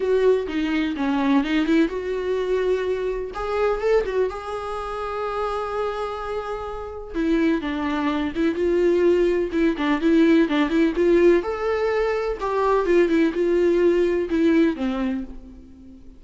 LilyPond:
\new Staff \with { instrumentName = "viola" } { \time 4/4 \tempo 4 = 126 fis'4 dis'4 cis'4 dis'8 e'8 | fis'2. gis'4 | a'8 fis'8 gis'2.~ | gis'2. e'4 |
d'4. e'8 f'2 | e'8 d'8 e'4 d'8 e'8 f'4 | a'2 g'4 f'8 e'8 | f'2 e'4 c'4 | }